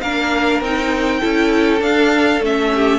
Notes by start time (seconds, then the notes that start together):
0.00 A#3 D4 A#4 F5
0.60 C4 D#4 G5
1.19 C#4 E4 A4
1.79 D4 F5
2.40 A3 C#4 E5
2.74 G4